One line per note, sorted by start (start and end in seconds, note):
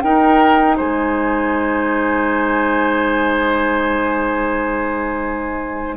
0.00 0.80 D#4
0.00 5.97 D#4
0.00 0.77 A#4
0.00 0.77 G5
0.77 5.97 G#3
0.77 5.96 C5
0.77 5.97 G#5